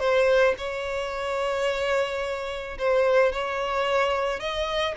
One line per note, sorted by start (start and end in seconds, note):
0.00 0.55 C5
0.58 2.78 C#5
2.78 3.33 C5
3.33 4.40 C#5
4.40 4.95 D#5